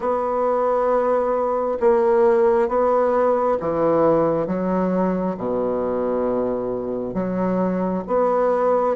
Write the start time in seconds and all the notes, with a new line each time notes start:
0.00 B3
1.80 A#3
2.68 B3
3.59 E3
4.46 F#3
5.37 B2
7.14 F#3
8.07 B3